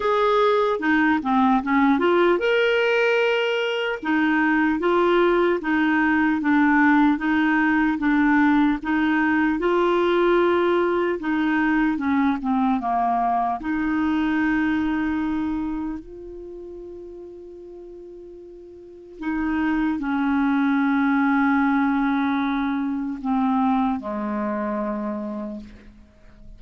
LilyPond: \new Staff \with { instrumentName = "clarinet" } { \time 4/4 \tempo 4 = 75 gis'4 dis'8 c'8 cis'8 f'8 ais'4~ | ais'4 dis'4 f'4 dis'4 | d'4 dis'4 d'4 dis'4 | f'2 dis'4 cis'8 c'8 |
ais4 dis'2. | f'1 | dis'4 cis'2.~ | cis'4 c'4 gis2 | }